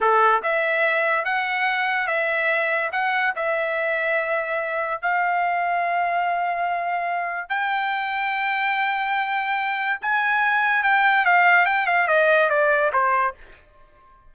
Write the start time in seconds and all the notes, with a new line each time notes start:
0.00 A4
0.42 E5
1.24 F#5
2.07 E5
2.92 F#5
3.35 E5
5.01 F5
7.49 G5
10.01 G#5
10.83 G5
11.25 F5
11.65 G5
11.86 F5
12.07 D#5
12.49 D5
12.93 C5